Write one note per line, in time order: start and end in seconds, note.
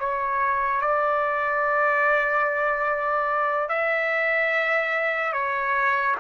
0.00 0.81 C#5
0.81 3.69 D5
3.69 5.33 E5
5.33 6.15 C#5